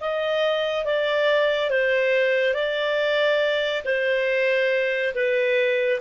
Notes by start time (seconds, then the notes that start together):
0.00 D#5
0.85 D5
1.70 C5
2.54 D5
3.85 C5
5.14 B4